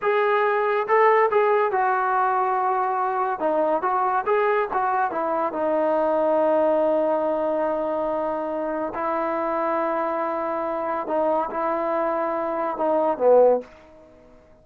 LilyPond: \new Staff \with { instrumentName = "trombone" } { \time 4/4 \tempo 4 = 141 gis'2 a'4 gis'4 | fis'1 | dis'4 fis'4 gis'4 fis'4 | e'4 dis'2.~ |
dis'1~ | dis'4 e'2.~ | e'2 dis'4 e'4~ | e'2 dis'4 b4 | }